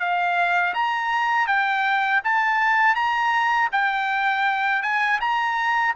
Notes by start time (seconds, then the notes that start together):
0.00 F5
0.75 A#5
1.47 G5
2.25 A5
2.96 A#5
3.72 G5
4.83 G#5
5.21 A#5